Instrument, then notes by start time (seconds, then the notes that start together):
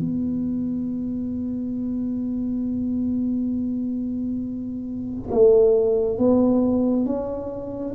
tuba
0.00 B3
5.31 A3
6.18 B3
7.06 C#4